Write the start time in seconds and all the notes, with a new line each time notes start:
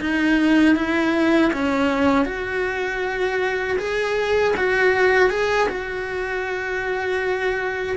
0.00 D#4
0.75 E4
1.53 C#4
2.25 F#4
3.78 G#4
4.56 F#4
5.30 G#4
5.69 F#4